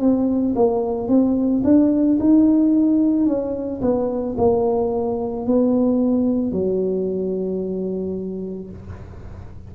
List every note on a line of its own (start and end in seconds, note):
0.00 0.55 C4
0.55 1.08 A#3
1.08 1.62 C4
1.64 2.19 D4
2.20 3.26 D#4
3.26 3.81 C#4
3.81 4.36 B3
4.37 5.46 A#3
5.46 6.52 B3
6.52 8.70 F#3